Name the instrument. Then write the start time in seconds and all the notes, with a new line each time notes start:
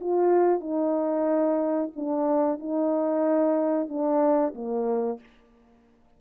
horn
0.00 F4
0.60 D#4
1.96 D4
2.59 D#4
3.88 D4
4.54 A#3